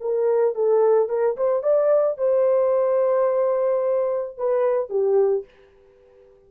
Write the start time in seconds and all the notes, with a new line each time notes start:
0.00 A#4
0.55 A4
1.09 A#4
1.36 C5
1.62 D5
2.17 C5
4.38 B4
4.89 G4